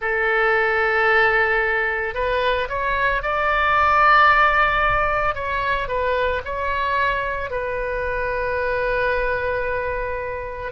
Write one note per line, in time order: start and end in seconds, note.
0.01 2.14 A4
2.14 2.67 B4
2.68 3.22 C#5
3.22 5.34 D5
5.34 5.87 C#5
5.87 6.41 B4
6.44 7.50 C#5
7.50 10.71 B4